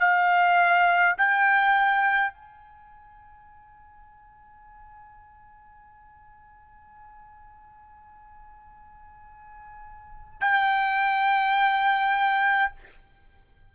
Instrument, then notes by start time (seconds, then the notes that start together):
trumpet
0.00 F5
1.18 G5
2.33 G#5
10.41 G5